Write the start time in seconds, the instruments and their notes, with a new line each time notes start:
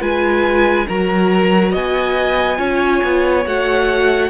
0.00 cello G#3, viola F4, violin B4 G#5
0.88 cello F#3, viola F#4, violin A#4 A#5
1.72 cello B3, violin D#5 G#5
2.57 cello C#4, viola F4, violin C#5
3.03 cello B3
3.46 cello A3, viola F#4, violin F#5